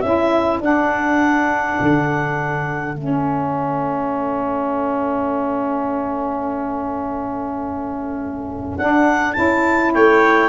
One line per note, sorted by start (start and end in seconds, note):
0.00 0.60 C#4
0.00 0.61 E4
0.00 9.94 A4
0.00 0.58 E5
0.60 1.77 D4
0.60 2.94 D4
0.60 2.96 F#5
1.81 2.96 D3
2.96 8.78 A3
2.96 8.79 C#4
2.96 8.77 E5
8.77 9.36 D4
8.77 9.34 D4
8.77 9.33 F#5
9.33 9.95 C#4
9.33 10.49 E4
9.33 9.91 A5
9.94 10.49 A3
9.94 10.49 C#5
9.94 10.49 G5